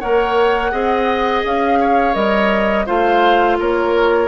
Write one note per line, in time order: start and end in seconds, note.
0.00 0.72 A#3
0.00 0.72 A#4
0.00 0.72 C#5
0.00 1.43 F#5
0.72 1.44 C4
0.72 2.14 G#4
0.72 1.79 D#5
1.45 2.15 C#4
1.45 2.15 F5
1.81 2.86 C#5
2.14 2.87 G3
2.14 2.85 A#4
2.14 2.86 D#5
2.86 3.60 A3
2.86 4.29 F4
2.86 3.58 C5
2.86 3.58 F5
3.59 4.29 A#3
3.59 4.29 A#4
3.59 4.29 C#5